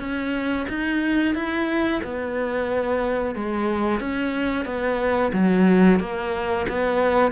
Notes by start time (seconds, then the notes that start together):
0.00 C#4
0.69 D#4
1.35 E4
2.04 B3
3.36 G#3
4.01 C#4
4.65 B3
5.33 F#3
6.00 A#3
6.69 B3